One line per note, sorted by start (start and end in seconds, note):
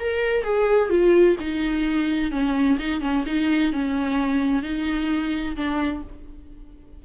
0.00 0.44 A#4
0.44 0.90 G#4
0.90 1.37 F4
1.40 2.32 D#4
2.32 2.78 C#4
2.79 3.01 D#4
3.01 3.25 C#4
3.26 3.73 D#4
3.73 4.63 C#4
4.63 5.56 D#4
5.56 6.03 D4